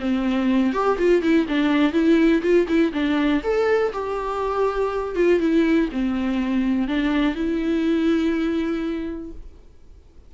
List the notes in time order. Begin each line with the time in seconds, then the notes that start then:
0.00 C4
0.74 G4
0.98 F4
1.23 E4
1.48 D4
1.93 E4
2.43 F4
2.68 E4
2.93 D4
3.44 A4
3.93 G4
5.15 F4
5.40 E4
5.92 C4
6.88 D4
7.35 E4